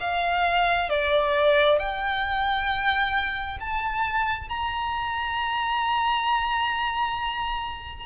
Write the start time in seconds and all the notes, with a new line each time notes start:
0.00 F5
0.90 D5
1.79 G5
3.60 A5
4.49 A#5